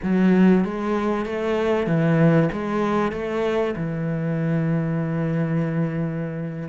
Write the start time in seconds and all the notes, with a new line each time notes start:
0.03 F#3
0.64 G#3
1.25 A3
1.86 E3
2.52 G#3
3.12 A3
3.76 E3